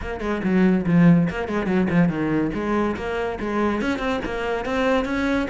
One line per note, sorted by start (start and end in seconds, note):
0.01 0.20 A#3
0.20 0.41 G#3
0.43 0.85 F#3
0.86 1.28 F3
1.29 1.48 A#3
1.48 1.66 G#3
1.66 1.87 F#3
1.90 2.08 F3
2.08 2.50 D#3
2.54 2.96 G#3
2.96 3.38 A#3
3.39 3.81 G#3
3.81 3.99 C#4
3.99 4.20 C4
4.25 4.65 A#3
4.65 5.05 C4
5.05 5.47 C#4